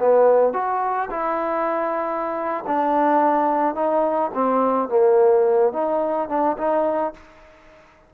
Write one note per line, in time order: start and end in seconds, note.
0.00 0.54 B3
0.54 1.10 F#4
1.11 2.65 E4
2.67 3.75 D4
3.75 4.32 D#4
4.34 4.89 C4
4.89 5.73 A#3
5.73 6.29 D#4
6.29 6.57 D4
6.58 7.14 D#4